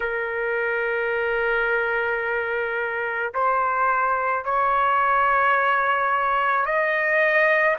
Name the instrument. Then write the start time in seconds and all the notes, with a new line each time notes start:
trumpet
0.00 A#4
3.33 C5
4.44 C#5
6.65 D#5